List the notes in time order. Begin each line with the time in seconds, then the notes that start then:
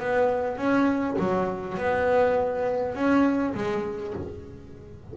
0.00 B3
0.57 C#4
1.19 F#3
1.78 B3
2.95 C#4
3.55 G#3